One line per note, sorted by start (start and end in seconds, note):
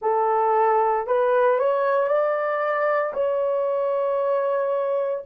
0.01 1.06 A4
1.06 1.58 B4
1.58 2.07 C#5
2.07 3.12 D5
3.13 5.24 C#5